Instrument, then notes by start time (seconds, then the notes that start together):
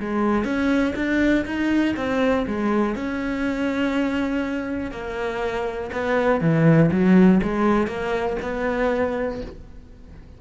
cello
0.00 G#3
0.44 C#4
0.95 D4
1.46 D#4
1.96 C4
2.47 G#3
2.95 C#4
4.91 A#3
5.92 B3
6.41 E3
6.91 F#3
7.43 G#3
7.87 A#3
8.42 B3